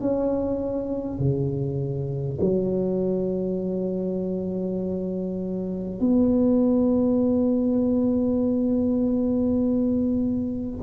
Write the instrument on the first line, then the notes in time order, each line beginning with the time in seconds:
tuba
0.00 C#4
1.18 C#3
2.40 F#3
5.99 B3